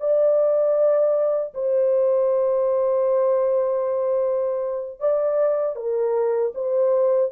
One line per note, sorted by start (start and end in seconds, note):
0.00 1.54 D5
1.54 5.00 C5
5.00 5.76 D5
5.76 6.52 A#4
6.55 7.31 C5